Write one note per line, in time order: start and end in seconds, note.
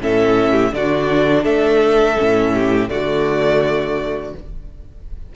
0.00 0.72 A2
0.00 0.72 C#4
0.00 0.52 A4
0.00 0.74 E5
0.52 0.70 G4
0.72 1.44 D3
0.72 2.16 D4
0.72 1.43 F#4
0.72 1.45 D5
1.43 2.17 A3
1.43 2.52 A4
1.43 2.89 E5
2.17 2.89 A2
2.17 2.89 C#4
2.54 2.90 G4
2.89 4.33 D3
2.89 4.34 A3
2.89 4.35 F#4
2.89 4.33 D5